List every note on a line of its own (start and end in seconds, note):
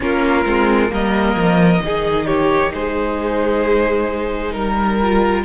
0.00 0.45 A#3
0.00 0.44 C#4
0.00 0.91 F4
0.00 0.92 A#4
0.45 0.90 G#3
0.45 0.89 C4
0.89 1.34 G3
0.89 1.80 A#3
0.89 1.82 A#4
0.89 2.26 D#5
1.34 1.80 F3
1.82 2.73 D#3
1.82 5.01 D#4
1.82 2.26 G#4
2.26 2.71 G4
2.26 2.71 C#5
2.73 4.54 G#3
2.73 4.55 G#4
2.73 4.52 C5
4.52 5.45 G3
4.52 5.43 A#4
4.52 5.45 A#4
5.01 5.45 F4